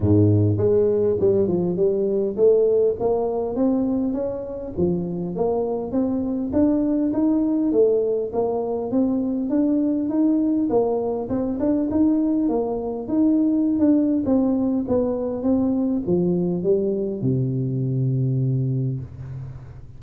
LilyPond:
\new Staff \with { instrumentName = "tuba" } { \time 4/4 \tempo 4 = 101 gis,4 gis4 g8 f8 g4 | a4 ais4 c'4 cis'4 | f4 ais4 c'4 d'4 | dis'4 a4 ais4 c'4 |
d'4 dis'4 ais4 c'8 d'8 | dis'4 ais4 dis'4~ dis'16 d'8. | c'4 b4 c'4 f4 | g4 c2. | }